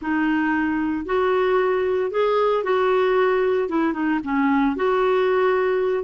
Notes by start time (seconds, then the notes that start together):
0.01 D#4
1.05 F#4
2.11 G#4
2.63 F#4
3.68 E4
3.93 D#4
4.23 C#4
4.75 F#4